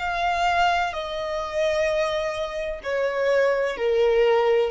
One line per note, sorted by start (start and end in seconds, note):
0.00 0.93 F5
0.93 2.81 D#5
2.83 3.77 C#5
3.77 4.71 A#4